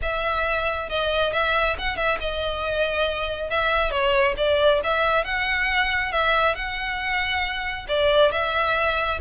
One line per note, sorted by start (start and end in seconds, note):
0.02 0.89 E5
0.89 1.32 D#5
1.32 1.76 E5
1.78 1.96 F#5
1.96 2.18 E5
2.20 3.50 D#5
3.50 3.91 E5
3.91 4.34 C#5
4.37 4.81 D5
4.83 5.24 E5
5.24 6.12 F#5
6.12 6.55 E5
6.55 7.86 F#5
7.88 8.31 D5
8.31 9.19 E5